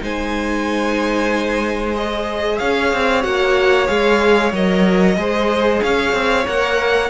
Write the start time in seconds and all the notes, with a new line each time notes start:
0.00 G#3 D#4 C5 G#5
1.95 G#4 D#5
2.58 C#4 C#5 F5
2.93 C4
3.23 A#3 F#4 F#5
3.87 G#3 G#4 F5
4.52 F#3 A#4 D#5
5.16 G#3 G#4 C5
5.83 C#4 C#5 F5
6.13 C4
6.47 A#3 A#4 F#5